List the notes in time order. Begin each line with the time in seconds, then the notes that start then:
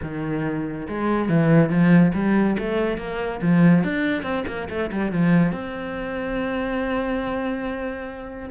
0.02 D#3
0.87 G#3
1.29 E3
1.69 F3
2.14 G3
2.58 A3
2.97 A#3
3.41 F3
3.84 D4
4.22 C4
4.47 A#3
4.69 A3
4.91 G3
5.12 F3
5.51 C4